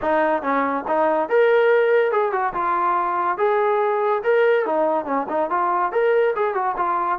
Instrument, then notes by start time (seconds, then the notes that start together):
trombone
0.01 D#4
0.42 C#4
0.87 D#4
1.29 A#4
2.11 G#4
2.32 F#4
2.53 F4
3.37 G#4
4.23 A#4
4.65 D#4
5.05 C#4
5.28 D#4
5.49 F4
5.92 A#4
6.35 G#4
6.54 F#4
6.76 F4